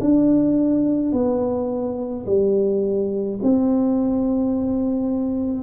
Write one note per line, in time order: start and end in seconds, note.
0.00 1.12 D4
1.12 2.25 B3
2.26 3.39 G3
3.43 5.63 C4